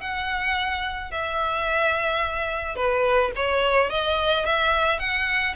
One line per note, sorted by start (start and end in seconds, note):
0.00 1.11 F#5
1.11 2.76 E5
2.76 3.31 B4
3.36 3.90 C#5
3.90 4.45 D#5
4.45 4.99 E5
4.99 5.55 F#5